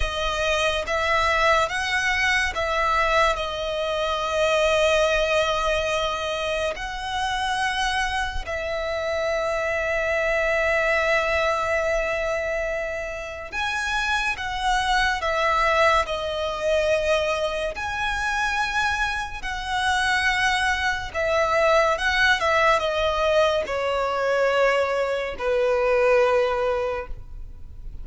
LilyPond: \new Staff \with { instrumentName = "violin" } { \time 4/4 \tempo 4 = 71 dis''4 e''4 fis''4 e''4 | dis''1 | fis''2 e''2~ | e''1 |
gis''4 fis''4 e''4 dis''4~ | dis''4 gis''2 fis''4~ | fis''4 e''4 fis''8 e''8 dis''4 | cis''2 b'2 | }